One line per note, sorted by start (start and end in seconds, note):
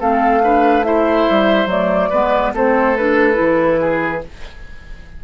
0.00 1.27 A3
0.00 0.43 C4
0.00 0.42 A4
0.00 0.84 F5
0.43 0.84 D4
0.43 0.86 B4
0.84 1.68 E4
0.84 2.10 C5
0.84 1.68 E5
1.30 1.67 G3
1.67 2.09 F#3
1.67 2.10 A3
1.67 2.54 D5
2.10 2.54 G#3
2.10 2.55 B3
2.10 2.52 B4
2.54 3.38 A3
2.54 2.97 C4
2.54 3.81 A4
2.54 2.97 C5
2.97 3.34 D4
2.97 4.24 B4
3.34 4.24 E3
3.34 4.19 E4
3.81 4.23 G#4